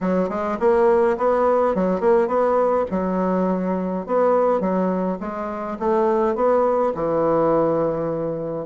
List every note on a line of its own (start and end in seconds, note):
0.01 0.29 F#3
0.29 0.58 G#3
0.59 1.17 A#3
1.17 1.74 B3
1.74 2.00 F#3
2.00 2.27 A#3
2.27 2.85 B3
2.91 4.06 F#3
4.06 4.60 B3
4.60 5.18 F#3
5.19 5.77 G#3
5.78 6.35 A3
6.35 6.93 B3
6.95 8.66 E3